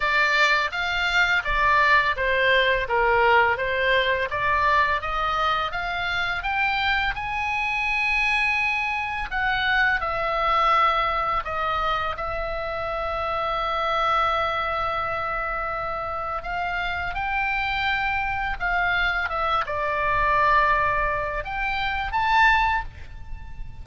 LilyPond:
\new Staff \with { instrumentName = "oboe" } { \time 4/4 \tempo 4 = 84 d''4 f''4 d''4 c''4 | ais'4 c''4 d''4 dis''4 | f''4 g''4 gis''2~ | gis''4 fis''4 e''2 |
dis''4 e''2.~ | e''2. f''4 | g''2 f''4 e''8 d''8~ | d''2 g''4 a''4 | }